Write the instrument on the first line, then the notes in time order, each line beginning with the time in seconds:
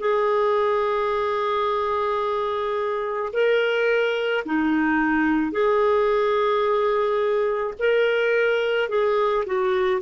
clarinet
0.00 G#4
3.33 A#4
4.45 D#4
5.52 G#4
7.79 A#4
8.89 G#4
9.46 F#4